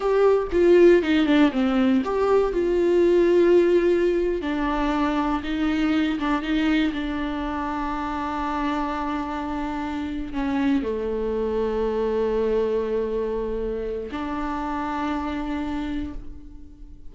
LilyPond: \new Staff \with { instrumentName = "viola" } { \time 4/4 \tempo 4 = 119 g'4 f'4 dis'8 d'8 c'4 | g'4 f'2.~ | f'8. d'2 dis'4~ dis'16~ | dis'16 d'8 dis'4 d'2~ d'16~ |
d'1~ | d'8 cis'4 a2~ a8~ | a1 | d'1 | }